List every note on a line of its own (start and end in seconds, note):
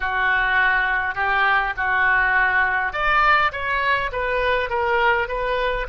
0.00 1.14 F#4
1.14 1.73 G4
1.76 2.93 F#4
2.93 3.51 D5
3.52 4.11 C#5
4.12 4.70 B4
4.70 5.27 A#4
5.27 5.86 B4